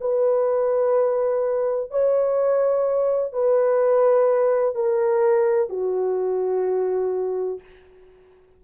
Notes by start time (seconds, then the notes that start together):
0.00 B4
1.90 C#5
3.32 B4
4.74 A#4
5.69 F#4